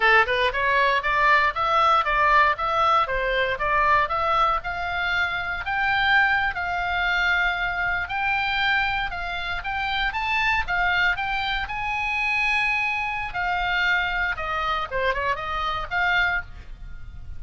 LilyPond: \new Staff \with { instrumentName = "oboe" } { \time 4/4 \tempo 4 = 117 a'8 b'8 cis''4 d''4 e''4 | d''4 e''4 c''4 d''4 | e''4 f''2 g''4~ | g''8. f''2. g''16~ |
g''4.~ g''16 f''4 g''4 a''16~ | a''8. f''4 g''4 gis''4~ gis''16~ | gis''2 f''2 | dis''4 c''8 cis''8 dis''4 f''4 | }